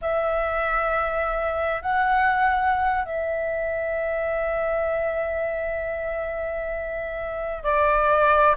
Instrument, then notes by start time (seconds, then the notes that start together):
flute
0.01 E5
1.82 F#5
3.04 E5
7.63 D5